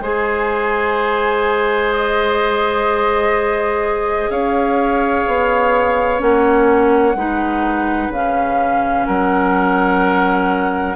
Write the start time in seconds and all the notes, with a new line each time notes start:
0.00 G#3 G#4 C5 G#5
1.93 D#5
4.30 C#4 C#5 F5
5.27 B3
6.19 A#3 C#4 F#5
7.15 G#3 D#4 B4
8.10 C#3 C#4 F5
9.07 F#3 A#4 F#5